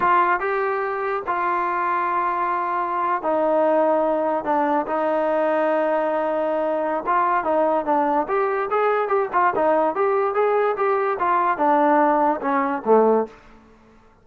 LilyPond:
\new Staff \with { instrumentName = "trombone" } { \time 4/4 \tempo 4 = 145 f'4 g'2 f'4~ | f'2.~ f'8. dis'16~ | dis'2~ dis'8. d'4 dis'16~ | dis'1~ |
dis'4 f'4 dis'4 d'4 | g'4 gis'4 g'8 f'8 dis'4 | g'4 gis'4 g'4 f'4 | d'2 cis'4 a4 | }